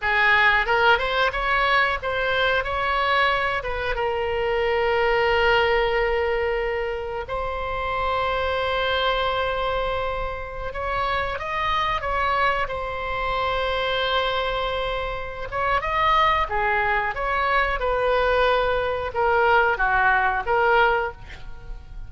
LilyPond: \new Staff \with { instrumentName = "oboe" } { \time 4/4 \tempo 4 = 91 gis'4 ais'8 c''8 cis''4 c''4 | cis''4. b'8 ais'2~ | ais'2. c''4~ | c''1~ |
c''16 cis''4 dis''4 cis''4 c''8.~ | c''2.~ c''8 cis''8 | dis''4 gis'4 cis''4 b'4~ | b'4 ais'4 fis'4 ais'4 | }